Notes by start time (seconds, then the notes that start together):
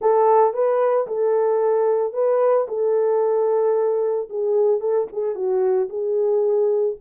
0.01 A4
0.53 B4
1.07 A4
2.13 B4
2.68 A4
4.29 G#4
4.80 A4
5.12 G#4
5.35 F#4
5.89 G#4